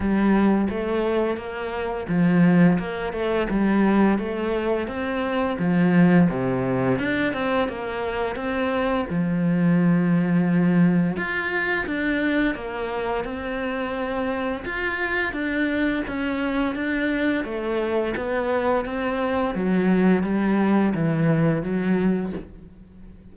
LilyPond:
\new Staff \with { instrumentName = "cello" } { \time 4/4 \tempo 4 = 86 g4 a4 ais4 f4 | ais8 a8 g4 a4 c'4 | f4 c4 d'8 c'8 ais4 | c'4 f2. |
f'4 d'4 ais4 c'4~ | c'4 f'4 d'4 cis'4 | d'4 a4 b4 c'4 | fis4 g4 e4 fis4 | }